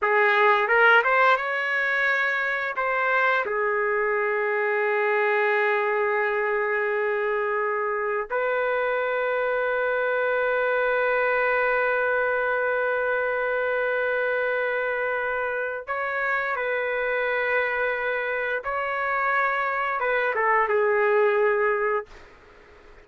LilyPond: \new Staff \with { instrumentName = "trumpet" } { \time 4/4 \tempo 4 = 87 gis'4 ais'8 c''8 cis''2 | c''4 gis'2.~ | gis'1 | b'1~ |
b'1~ | b'2. cis''4 | b'2. cis''4~ | cis''4 b'8 a'8 gis'2 | }